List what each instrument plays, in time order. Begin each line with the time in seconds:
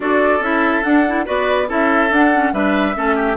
0.00 bassoon D4, clarinet F#4, oboe A4, flute D5
0.39 bassoon C#4, clarinet E4, flute E5
0.83 clarinet D4, bassoon D4, flute F#5
1.07 clarinet E4
1.25 bassoon B3, clarinet F#4, oboe B4, flute D5
1.67 bassoon C#4, clarinet E4, oboe A4, flute E5
2.10 bassoon D4, clarinet D4, flute F#5
2.34 clarinet C#4
2.52 bassoon G3, clarinet D4, oboe B4, flute E5
2.94 bassoon A3, clarinet C#4, oboe A4
3.15 oboe G4